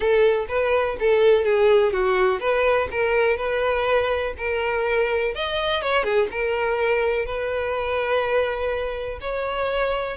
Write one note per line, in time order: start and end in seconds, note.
0.00 0.46 A4
0.48 0.96 B4
0.99 1.44 A4
1.44 1.92 G#4
1.92 2.40 F#4
2.40 2.88 B4
2.91 3.36 A#4
3.36 4.33 B4
4.37 5.34 A#4
5.34 5.82 D#5
5.82 6.03 C#5
6.03 6.27 G#4
6.31 7.25 A#4
7.25 9.19 B4
9.20 10.16 C#5